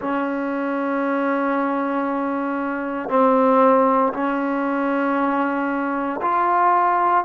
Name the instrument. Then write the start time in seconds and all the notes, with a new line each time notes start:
trombone
0.00 C#4
3.09 C4
4.13 C#4
6.21 F4